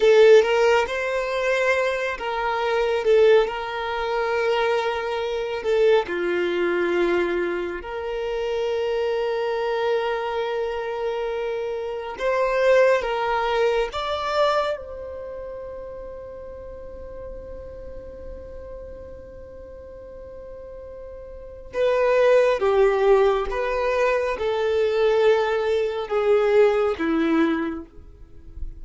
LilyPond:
\new Staff \with { instrumentName = "violin" } { \time 4/4 \tempo 4 = 69 a'8 ais'8 c''4. ais'4 a'8 | ais'2~ ais'8 a'8 f'4~ | f'4 ais'2.~ | ais'2 c''4 ais'4 |
d''4 c''2.~ | c''1~ | c''4 b'4 g'4 b'4 | a'2 gis'4 e'4 | }